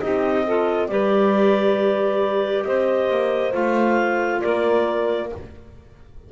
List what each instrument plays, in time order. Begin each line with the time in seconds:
0.00 double bass C4, clarinet D#4 D#5, saxophone G4
0.45 clarinet F4, saxophone A4
0.87 double bass G3, clarinet G4 D5, saxophone B4
2.64 double bass C4, saxophone C5, clarinet D#5
3.09 double bass A#3
3.53 double bass A3, clarinet F4 F5
4.40 double bass A#3, saxophone A#4, clarinet D5